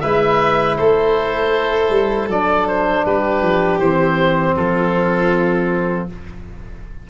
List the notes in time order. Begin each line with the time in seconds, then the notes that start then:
0.00 G#3 E4 B4 E5
0.77 A3 A4 C5
1.89 G3
2.27 F#3 D4 D5
2.68 C5
3.04 G3 G4 B4
3.42 F3
3.79 E3 C4 C5
4.55 F3 F4 A4